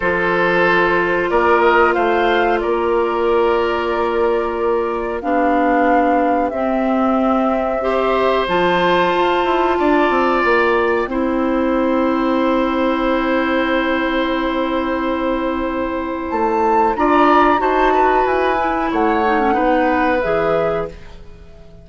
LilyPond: <<
  \new Staff \with { instrumentName = "flute" } { \time 4/4 \tempo 4 = 92 c''2 d''8 dis''8 f''4 | d''1 | f''2 e''2~ | e''4 a''2. |
g''1~ | g''1~ | g''4 a''4 ais''4 a''4 | gis''4 fis''2 e''4 | }
  \new Staff \with { instrumentName = "oboe" } { \time 4/4 a'2 ais'4 c''4 | ais'1 | g'1 | c''2. d''4~ |
d''4 c''2.~ | c''1~ | c''2 d''4 c''8 b'8~ | b'4 cis''4 b'2 | }
  \new Staff \with { instrumentName = "clarinet" } { \time 4/4 f'1~ | f'1 | d'2 c'2 | g'4 f'2.~ |
f'4 e'2.~ | e'1~ | e'2 f'4 fis'4~ | fis'8 e'4 dis'16 cis'16 dis'4 gis'4 | }
  \new Staff \with { instrumentName = "bassoon" } { \time 4/4 f2 ais4 a4 | ais1 | b2 c'2~ | c'4 f4 f'8 e'8 d'8 c'8 |
ais4 c'2.~ | c'1~ | c'4 a4 d'4 dis'4 | e'4 a4 b4 e4 | }
>>